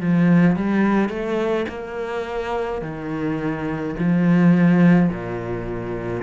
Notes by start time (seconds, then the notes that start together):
0.00 F3
0.56 G3
1.10 A3
1.69 A#3
2.81 D#3
3.99 F3
5.09 A#2